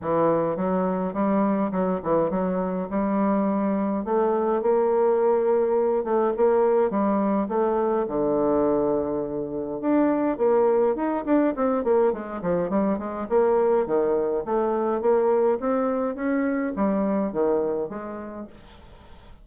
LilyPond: \new Staff \with { instrumentName = "bassoon" } { \time 4/4 \tempo 4 = 104 e4 fis4 g4 fis8 e8 | fis4 g2 a4 | ais2~ ais8 a8 ais4 | g4 a4 d2~ |
d4 d'4 ais4 dis'8 d'8 | c'8 ais8 gis8 f8 g8 gis8 ais4 | dis4 a4 ais4 c'4 | cis'4 g4 dis4 gis4 | }